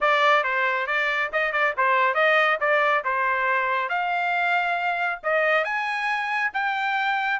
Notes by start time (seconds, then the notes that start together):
0.00 D5
0.43 C5
0.87 D5
1.32 D#5
1.52 D5
1.77 C5
2.14 D#5
2.60 D5
3.04 C5
3.89 F5
5.23 D#5
5.64 G#5
6.53 G5